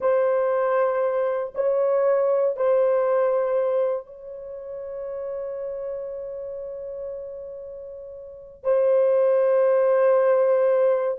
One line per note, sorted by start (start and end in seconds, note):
0.00 1.53 C5
1.54 2.56 C#5
2.56 4.06 C5
4.06 8.63 C#5
8.63 11.17 C5